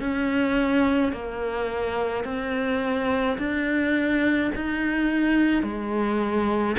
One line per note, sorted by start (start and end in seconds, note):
0.00 1.13 C#4
1.13 2.24 A#3
2.24 3.38 C4
3.38 4.51 D4
4.55 5.63 D#4
5.63 6.76 G#3